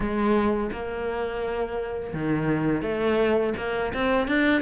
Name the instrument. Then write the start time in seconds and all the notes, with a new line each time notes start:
cello
0.00 G#3
0.72 A#3
2.13 D#3
2.82 A3
3.57 A#3
3.93 C4
4.27 D4